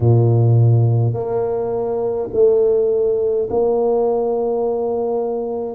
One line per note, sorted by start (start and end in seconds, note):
0.00 1.13 A#2
1.13 2.29 A#3
2.33 3.48 A3
3.49 5.75 A#3